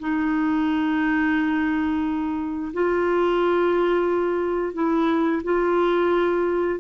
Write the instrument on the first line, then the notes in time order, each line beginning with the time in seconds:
clarinet
0.00 D#4
2.74 F4
4.74 E4
5.44 F4